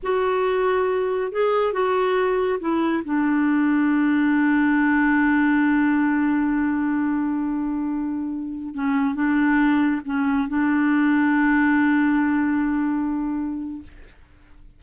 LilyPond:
\new Staff \with { instrumentName = "clarinet" } { \time 4/4 \tempo 4 = 139 fis'2. gis'4 | fis'2 e'4 d'4~ | d'1~ | d'1~ |
d'1~ | d'16 cis'4 d'2 cis'8.~ | cis'16 d'2.~ d'8.~ | d'1 | }